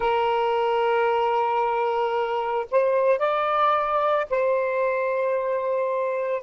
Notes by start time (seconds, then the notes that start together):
0.00 A#4
2.71 C5
3.19 D5
4.30 C5